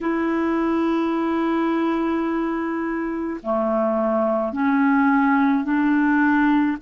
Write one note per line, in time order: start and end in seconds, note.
0.01 3.40 E4
3.42 4.53 A3
4.53 5.63 C#4
5.63 6.77 D4